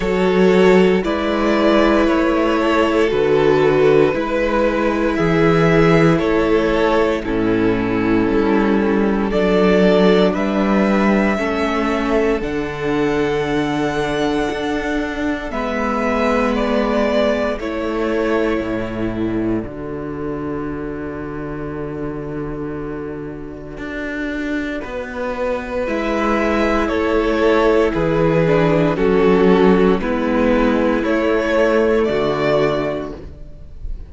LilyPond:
<<
  \new Staff \with { instrumentName = "violin" } { \time 4/4 \tempo 4 = 58 cis''4 d''4 cis''4 b'4~ | b'4 e''4 cis''4 a'4~ | a'4 d''4 e''2 | fis''2. e''4 |
d''4 cis''4. d''4.~ | d''1~ | d''4 e''4 cis''4 b'4 | a'4 b'4 cis''4 d''4 | }
  \new Staff \with { instrumentName = "violin" } { \time 4/4 a'4 b'4. a'4. | b'4 gis'4 a'4 e'4~ | e'4 a'4 b'4 a'4~ | a'2. b'4~ |
b'4 a'2.~ | a'1 | b'2 a'4 gis'4 | fis'4 e'2 fis'4 | }
  \new Staff \with { instrumentName = "viola" } { \time 4/4 fis'4 e'2 fis'4 | e'2. cis'4~ | cis'4 d'2 cis'4 | d'2. b4~ |
b4 e'2 fis'4~ | fis'1~ | fis'4 e'2~ e'8 d'8 | cis'4 b4 a2 | }
  \new Staff \with { instrumentName = "cello" } { \time 4/4 fis4 gis4 a4 d4 | gis4 e4 a4 a,4 | g4 fis4 g4 a4 | d2 d'4 gis4~ |
gis4 a4 a,4 d4~ | d2. d'4 | b4 gis4 a4 e4 | fis4 gis4 a4 d4 | }
>>